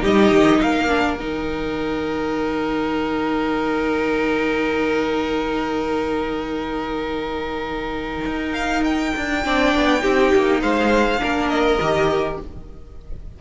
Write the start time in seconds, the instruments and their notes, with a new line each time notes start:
0.00 cello G3, viola D#4, violin G4 D#5
0.31 cello D#3
0.61 cello A#3, violin A#4 F5
0.88 viola D4
1.18 cello D#3, viola D#4, violin G5
8.25 cello D#4
8.53 violin F5
8.84 violin G5
9.16 cello D4
9.44 cello C4, viola D4, violin D5
9.75 cello B3
9.99 cello C4, viola D#4, violin G4
10.34 cello A#3
10.60 cello G#3, violin C5 F5
11.18 cello A#3, viola D4, violin A#4
11.49 violin D#5
11.78 cello D#3, viola G4